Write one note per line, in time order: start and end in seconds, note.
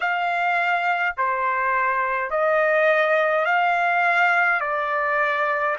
0.00 1.15 F5
1.17 2.30 C5
2.30 3.45 D#5
3.45 4.60 F5
4.60 5.75 D5